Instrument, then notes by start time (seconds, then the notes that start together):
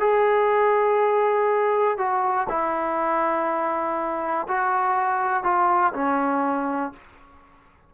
trombone
0.00 G#4
1.98 F#4
2.49 E4
4.48 F#4
5.44 F4
5.93 C#4